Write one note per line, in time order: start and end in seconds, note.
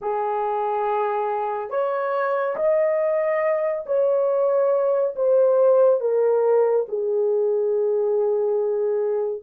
0.01 1.69 G#4
1.69 2.55 C#5
2.56 3.84 D#5
3.86 5.14 C#5
5.15 6.00 C5
6.00 6.86 A#4
6.88 9.42 G#4